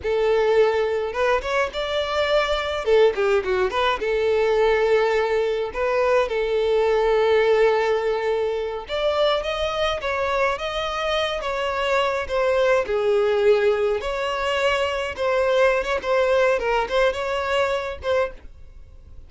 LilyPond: \new Staff \with { instrumentName = "violin" } { \time 4/4 \tempo 4 = 105 a'2 b'8 cis''8 d''4~ | d''4 a'8 g'8 fis'8 b'8 a'4~ | a'2 b'4 a'4~ | a'2.~ a'8 d''8~ |
d''8 dis''4 cis''4 dis''4. | cis''4. c''4 gis'4.~ | gis'8 cis''2 c''4~ c''16 cis''16 | c''4 ais'8 c''8 cis''4. c''8 | }